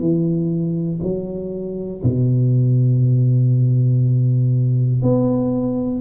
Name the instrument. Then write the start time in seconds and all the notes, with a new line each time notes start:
tuba
0.00 E3
1.02 F#3
2.03 B2
5.02 B3